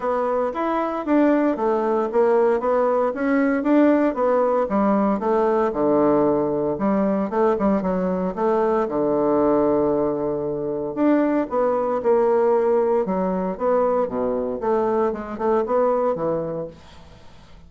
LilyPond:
\new Staff \with { instrumentName = "bassoon" } { \time 4/4 \tempo 4 = 115 b4 e'4 d'4 a4 | ais4 b4 cis'4 d'4 | b4 g4 a4 d4~ | d4 g4 a8 g8 fis4 |
a4 d2.~ | d4 d'4 b4 ais4~ | ais4 fis4 b4 b,4 | a4 gis8 a8 b4 e4 | }